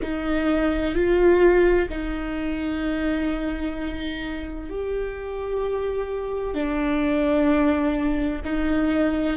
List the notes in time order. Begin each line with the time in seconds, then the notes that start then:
0.02 D#4
0.95 F4
1.89 D#4
4.69 G4
6.54 D4
8.44 D#4